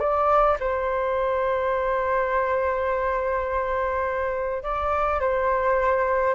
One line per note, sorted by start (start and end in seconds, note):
0.00 0.58 D5
0.60 4.63 C5
4.63 5.21 D5
5.21 6.35 C5